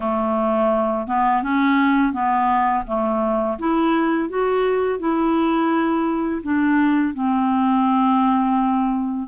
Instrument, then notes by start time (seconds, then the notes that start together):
clarinet
0.00 A3
1.07 B3
1.43 C#4
2.12 B3
2.86 A3
3.58 E4
4.29 F#4
4.99 E4
6.43 D4
7.14 C4